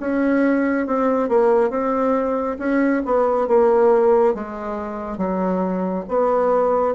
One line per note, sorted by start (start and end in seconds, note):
0.00 0.87 C#4
0.87 1.29 C4
1.29 1.70 A#3
1.70 2.57 C4
2.59 3.02 C#4
3.05 3.47 B3
3.47 4.34 A#3
4.34 5.18 G#3
5.18 6.05 F#3
6.08 6.94 B3